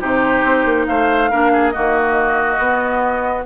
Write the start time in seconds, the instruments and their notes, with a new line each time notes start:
0.00 bassoon C3, clarinet D#4, oboe G4, flute C5
0.44 bassoon C4
0.65 bassoon A#3
0.86 bassoon A3, oboe C5, flute F5
1.30 bassoon A#3, clarinet D4, oboe A#4
1.53 oboe G#4
1.70 clarinet A#3, oboe F#4, flute D#5
1.77 bassoon D#3
2.58 bassoon B3, clarinet B3